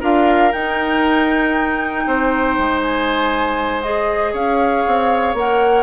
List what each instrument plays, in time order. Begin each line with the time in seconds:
0.00 bassoon D4, clarinet F4, oboe A#4, flute F5
0.52 clarinet D#4, bassoon D#4, flute G5
2.06 bassoon C4, oboe C5
2.58 bassoon G#3
2.82 flute G#5
3.82 clarinet G#4, flute D#5
4.32 bassoon C#4, oboe C#5, flute F5
4.87 bassoon C4
5.33 bassoon A#3, clarinet A#4, flute F#5